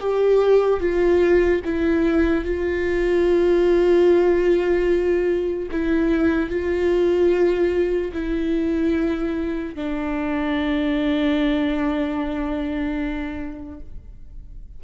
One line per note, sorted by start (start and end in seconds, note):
0.00 0.80 G4
0.80 1.61 F4
1.65 2.45 E4
2.45 5.69 F4
5.71 6.50 E4
6.50 8.12 F4
8.13 9.75 E4
9.75 13.81 D4